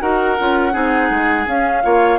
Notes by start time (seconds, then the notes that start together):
0.00 D#4 F#4 A#4 F#5
0.39 C#4 F4
0.72 C4 D#4 G#4
1.10 G#3
1.47 C#4 F5
1.84 A#3 F4 C#5